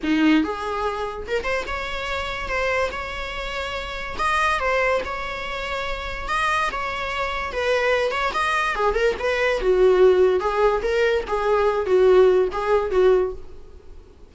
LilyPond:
\new Staff \with { instrumentName = "viola" } { \time 4/4 \tempo 4 = 144 dis'4 gis'2 ais'8 c''8 | cis''2 c''4 cis''4~ | cis''2 dis''4 c''4 | cis''2. dis''4 |
cis''2 b'4. cis''8 | dis''4 gis'8 ais'8 b'4 fis'4~ | fis'4 gis'4 ais'4 gis'4~ | gis'8 fis'4. gis'4 fis'4 | }